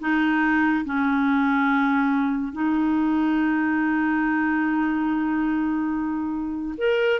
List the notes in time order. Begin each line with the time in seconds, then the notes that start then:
0.00 D#4
0.85 C#4
2.52 D#4
6.78 A#4